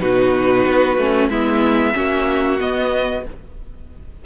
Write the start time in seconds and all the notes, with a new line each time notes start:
0.00 B2 D#4 F#4 B4
0.66 B3
0.98 A3 C#4
1.29 G#3 B3 E4 E5
1.93 A#3 C#4 F#4
2.58 B3 D#5